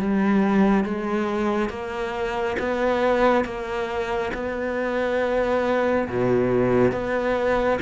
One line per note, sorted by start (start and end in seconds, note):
0.00 0.85 G3
0.85 1.70 G#3
1.70 2.57 A#3
2.59 3.45 B3
3.45 4.32 A#3
4.34 6.08 B3
6.09 6.92 B2
6.92 7.79 B3